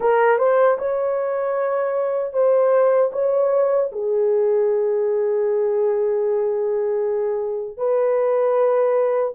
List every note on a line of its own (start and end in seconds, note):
0.00 0.38 A#4
0.38 0.77 C5
0.78 2.33 C#5
2.33 3.11 C5
3.12 3.90 C#5
3.92 7.77 G#4
7.77 9.33 B4